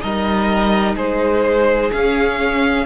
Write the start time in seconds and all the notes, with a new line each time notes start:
0.00 G3 D#4 A#4 D#5
0.95 G#3 G#4 C5
1.92 C#4 F5